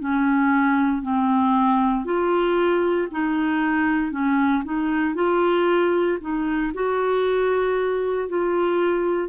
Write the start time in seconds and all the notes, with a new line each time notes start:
0.00 C#4
1.02 C4
2.05 F4
3.11 D#4
4.11 C#4
4.65 D#4
5.15 F4
6.21 D#4
6.74 F#4
8.29 F4